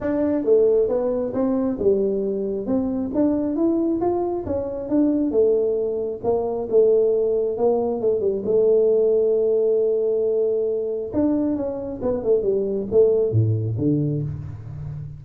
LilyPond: \new Staff \with { instrumentName = "tuba" } { \time 4/4 \tempo 4 = 135 d'4 a4 b4 c'4 | g2 c'4 d'4 | e'4 f'4 cis'4 d'4 | a2 ais4 a4~ |
a4 ais4 a8 g8 a4~ | a1~ | a4 d'4 cis'4 b8 a8 | g4 a4 a,4 d4 | }